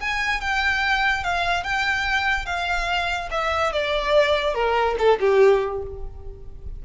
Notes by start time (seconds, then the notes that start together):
0.00 G#5
0.41 G5
1.24 F5
1.63 G5
2.46 F5
3.31 E5
3.72 D5
4.54 A#4
4.98 A4
5.20 G4